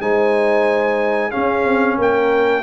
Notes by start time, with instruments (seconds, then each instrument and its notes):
0.00 tuba G#3, trombone D#4, horn C5, trumpet G#5
1.31 trombone C#4, tuba C#4, horn G#4, trumpet F5
1.65 tuba C4
1.97 tuba A#3, horn A#4, trumpet G5